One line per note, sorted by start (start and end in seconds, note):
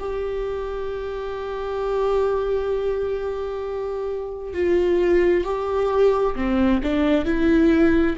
0.00 4.54 G4
4.54 5.45 F4
5.45 6.36 G4
6.36 6.81 C4
6.83 7.26 D4
7.26 8.17 E4